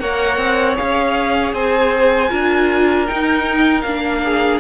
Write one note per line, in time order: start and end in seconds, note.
0.00 0.37 A#3
0.00 0.75 A#4
0.00 1.55 C#5
0.00 0.77 F#5
0.37 0.76 C4
0.75 1.53 C#4
0.75 2.29 G#4
0.75 1.54 F5
1.53 2.30 C4
1.53 2.30 C5
1.53 3.07 G#5
2.30 3.09 D4
2.30 3.07 F4
2.30 4.23 A#4
3.07 3.86 D#4
3.07 3.84 D#4
3.07 3.82 G5
3.82 4.61 A#3
3.82 4.61 D4
3.82 4.59 F5
4.25 4.61 G#4